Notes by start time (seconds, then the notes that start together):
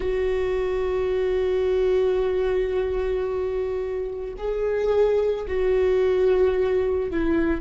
0.00 F#4
4.37 G#4
5.47 F#4
7.10 E4